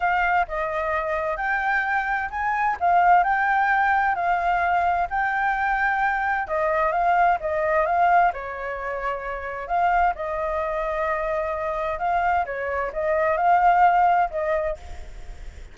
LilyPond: \new Staff \with { instrumentName = "flute" } { \time 4/4 \tempo 4 = 130 f''4 dis''2 g''4~ | g''4 gis''4 f''4 g''4~ | g''4 f''2 g''4~ | g''2 dis''4 f''4 |
dis''4 f''4 cis''2~ | cis''4 f''4 dis''2~ | dis''2 f''4 cis''4 | dis''4 f''2 dis''4 | }